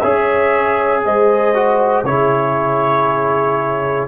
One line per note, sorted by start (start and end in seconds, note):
0.00 1.04 C#4
0.00 1.54 G#4
0.00 1.03 C#5
0.00 1.02 E5
1.04 2.03 G#3
1.04 2.06 C5
1.04 2.06 D#5
1.54 2.05 F#4
2.03 4.07 C#3
2.03 4.08 E4
2.03 4.08 G#4
2.03 4.08 C#5